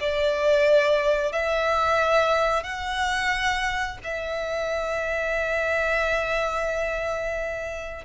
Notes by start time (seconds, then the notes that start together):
0.00 D5
1.32 E5
2.63 F#5
4.03 E5